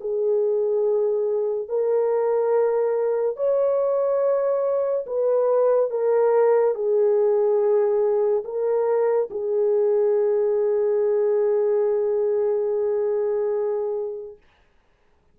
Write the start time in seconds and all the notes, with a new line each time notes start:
0.00 G#4
1.68 A#4
3.36 C#5
5.06 B4
5.90 A#4
6.74 G#4
8.44 A#4
9.30 G#4